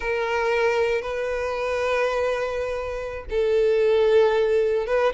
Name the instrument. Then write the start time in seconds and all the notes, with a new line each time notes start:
violin
0.00 A#4
1.01 B4
3.30 A4
4.86 B4